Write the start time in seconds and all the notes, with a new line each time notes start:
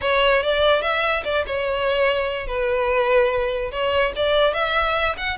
0.01 C#5
0.43 D5
0.82 E5
1.24 D5
1.46 C#5
2.46 B4
3.71 C#5
4.16 D5
4.53 E5
5.17 F#5